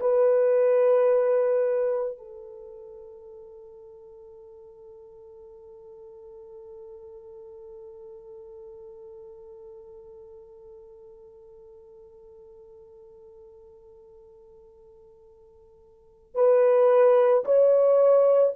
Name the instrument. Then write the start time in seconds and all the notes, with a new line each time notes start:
horn
0.00 B4
2.18 A4
16.35 B4
17.44 C#5